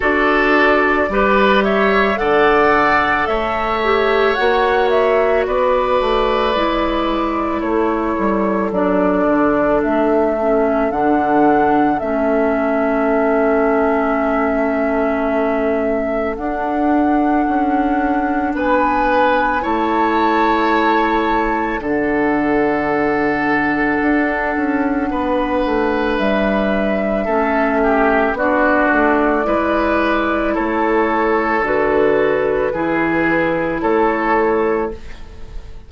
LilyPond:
<<
  \new Staff \with { instrumentName = "flute" } { \time 4/4 \tempo 4 = 55 d''4. e''8 fis''4 e''4 | fis''8 e''8 d''2 cis''4 | d''4 e''4 fis''4 e''4~ | e''2. fis''4~ |
fis''4 gis''4 a''2 | fis''1 | e''2 d''2 | cis''4 b'2 cis''4 | }
  \new Staff \with { instrumentName = "oboe" } { \time 4/4 a'4 b'8 cis''8 d''4 cis''4~ | cis''4 b'2 a'4~ | a'1~ | a'1~ |
a'4 b'4 cis''2 | a'2. b'4~ | b'4 a'8 g'8 fis'4 b'4 | a'2 gis'4 a'4 | }
  \new Staff \with { instrumentName = "clarinet" } { \time 4/4 fis'4 g'4 a'4. g'8 | fis'2 e'2 | d'4. cis'8 d'4 cis'4~ | cis'2. d'4~ |
d'2 e'2 | d'1~ | d'4 cis'4 d'4 e'4~ | e'4 fis'4 e'2 | }
  \new Staff \with { instrumentName = "bassoon" } { \time 4/4 d'4 g4 d4 a4 | ais4 b8 a8 gis4 a8 g8 | fis8 d8 a4 d4 a4~ | a2. d'4 |
cis'4 b4 a2 | d2 d'8 cis'8 b8 a8 | g4 a4 b8 a8 gis4 | a4 d4 e4 a4 | }
>>